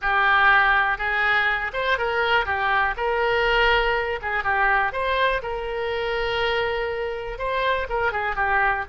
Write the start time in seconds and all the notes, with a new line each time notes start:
0.01 G4
0.97 G#4
1.73 C5
1.98 A#4
2.45 G4
2.96 A#4
4.22 G#4
4.43 G4
4.92 C5
5.42 A#4
7.38 C5
7.89 A#4
8.12 G#4
8.35 G4